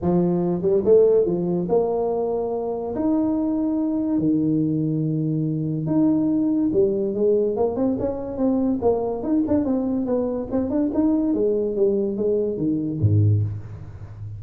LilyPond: \new Staff \with { instrumentName = "tuba" } { \time 4/4 \tempo 4 = 143 f4. g8 a4 f4 | ais2. dis'4~ | dis'2 dis2~ | dis2 dis'2 |
g4 gis4 ais8 c'8 cis'4 | c'4 ais4 dis'8 d'8 c'4 | b4 c'8 d'8 dis'4 gis4 | g4 gis4 dis4 gis,4 | }